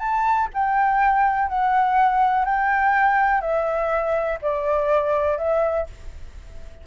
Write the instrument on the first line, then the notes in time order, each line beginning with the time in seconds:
flute
0.00 A5
0.55 G5
1.49 F#5
2.45 G5
3.42 E5
4.42 D5
5.38 E5